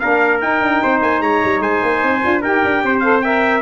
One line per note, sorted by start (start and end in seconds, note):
0.00 0.42 A#3
0.00 0.41 D4
0.00 0.83 A#4
0.00 0.40 F5
0.41 2.21 D#4
0.41 0.61 D#4
0.41 1.01 G5
0.61 0.81 D4
0.83 1.02 C4
0.83 1.23 C5
1.02 1.21 A#3
1.02 1.21 G#5
1.21 1.41 G#3
1.21 1.62 C#5
1.21 1.62 A#5
1.45 1.60 G3
1.60 1.80 G#3
1.60 2.42 C5
1.60 2.43 G#5
1.83 2.03 A#3
2.03 2.23 C4
2.21 2.44 D4
2.21 2.42 F4
2.42 2.64 D#4
2.42 3.03 G4
2.42 2.82 A#4
2.42 3.00 G5
2.64 2.83 D4
2.83 3.62 C4
2.83 3.24 C5
3.00 3.23 A4
3.00 3.20 F5
3.21 3.62 A#4
3.21 3.62 E5
3.21 3.61 G5